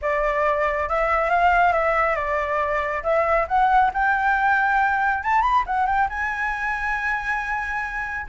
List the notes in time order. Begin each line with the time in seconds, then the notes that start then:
0.01 D5
0.88 E5
1.30 F5
1.73 E5
2.15 D5
3.03 E5
3.47 F#5
3.93 G5
5.23 A5
5.41 B5
5.66 F#5
5.86 G5
6.09 G#5